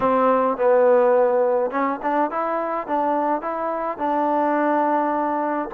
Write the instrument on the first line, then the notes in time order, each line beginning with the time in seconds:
trombone
0.00 C4
0.57 B3
1.71 C#4
2.02 D4
2.30 E4
2.87 D4
3.41 E4
3.97 D4